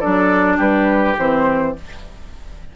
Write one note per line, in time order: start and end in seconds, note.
0.00 0.59 F#3
0.00 1.16 D4
0.00 0.57 A4
0.00 0.57 D5
0.57 1.16 G3
0.57 1.72 G4
0.57 1.17 B4
1.18 1.75 E3
1.18 1.76 C4
1.18 1.76 C5